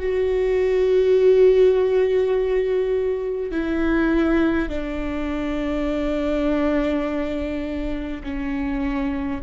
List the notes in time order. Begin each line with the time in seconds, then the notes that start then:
0.00 F#4
3.52 E4
4.70 D4
8.24 C#4